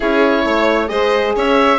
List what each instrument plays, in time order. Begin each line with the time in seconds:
0.00 bassoon C#4, horn E4, violin G#4, oboe C#5
0.44 bassoon A3, violin C#5
0.87 bassoon G#3, horn G#4, violin C5, oboe D#5
1.36 bassoon C#4, violin C#5, oboe E5